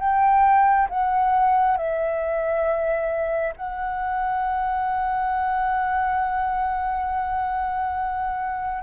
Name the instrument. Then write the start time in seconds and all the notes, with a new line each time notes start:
flute
0.00 G5
0.89 F#5
1.77 E5
3.57 F#5